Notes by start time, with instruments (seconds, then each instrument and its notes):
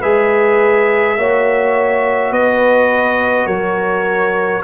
0.00 tuba G#3, trombone G#4, horn B4, trumpet E5
1.18 tuba A#3, trombone F#4, horn C#5
2.31 tuba B3, horn B4, trumpet D#5
3.47 tuba F#3, horn A#4, trumpet C#5